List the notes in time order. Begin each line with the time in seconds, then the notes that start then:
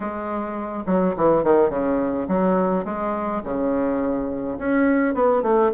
0.00 G#3
0.86 F#3
1.16 E3
1.43 D#3
1.69 C#3
2.28 F#3
2.84 G#3
3.43 C#3
4.58 C#4
5.14 B3
5.42 A3